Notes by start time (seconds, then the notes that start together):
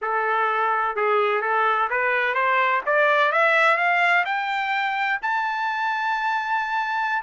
0.01 A4
0.96 G#4
1.41 A4
1.90 B4
2.34 C5
2.85 D5
3.32 E5
3.77 F5
4.25 G5
5.22 A5